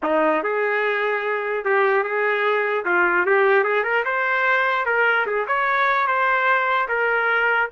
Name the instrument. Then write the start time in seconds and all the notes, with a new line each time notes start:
trumpet
0.02 D#4
0.43 G#4
1.64 G4
2.03 G#4
2.85 F4
3.25 G4
3.64 G#4
3.83 A#4
4.04 C5
4.85 A#4
5.26 G#4
5.47 C#5
6.07 C5
6.88 A#4